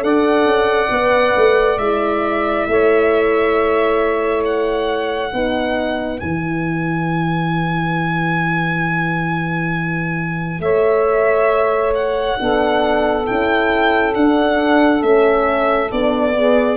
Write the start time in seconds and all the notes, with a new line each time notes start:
0.00 D4 A4 D5 F#5
0.45 C#4
0.90 B3 B4
1.37 A3
1.78 G#3 E4 E5
2.68 A3 C#5
4.45 F#5
5.30 B3 D#4 B4
6.20 E3 E4 G#5
10.59 A3 C#5 E5
11.94 F#5
12.38 B3 D4 A4
13.26 C#4 E4 G5
14.14 D4 F#5
15.01 A3 C#4 E5
15.91 B3 D4 D5
16.33 B3 G#4